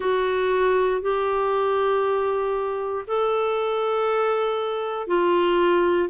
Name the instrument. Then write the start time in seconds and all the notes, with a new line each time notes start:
clarinet
0.00 F#4
1.01 G4
3.07 A4
5.07 F4